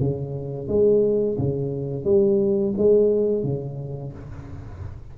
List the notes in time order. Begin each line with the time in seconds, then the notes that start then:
0.00 C#3
0.68 G#3
1.38 C#3
2.04 G3
2.77 G#3
3.43 C#3